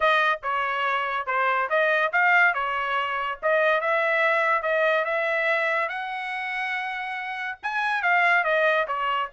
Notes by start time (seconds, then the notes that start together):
0.00 D#5
0.42 C#5
1.26 C5
1.69 D#5
2.12 F5
2.54 C#5
3.42 D#5
3.80 E5
4.62 D#5
5.05 E5
5.88 F#5
7.62 G#5
8.02 F5
8.44 D#5
8.87 C#5